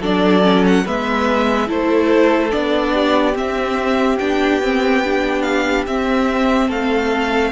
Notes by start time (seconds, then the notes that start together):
0.00 F#3 D4 A4 D5
0.42 C#4
0.66 F#5
0.85 G#3 B3 B4 E5
1.66 A3 E4 A4 C5
2.51 B3 D4 D5
2.93 G4
3.33 C4 E5
4.18 B3 D4 G5
4.62 C4
5.04 D4
5.42 F5
5.86 C4 E5
6.68 A3 A4 F5